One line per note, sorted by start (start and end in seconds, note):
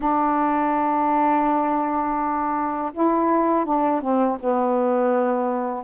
0.00 2.92 D4
2.93 3.65 E4
3.65 4.01 D4
4.01 4.37 C4
4.40 5.83 B3